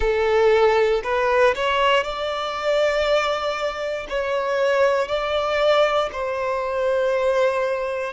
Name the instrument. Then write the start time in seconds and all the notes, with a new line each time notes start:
violin
0.00 A4
1.03 B4
1.55 C#5
2.03 D5
4.09 C#5
5.08 D5
6.12 C5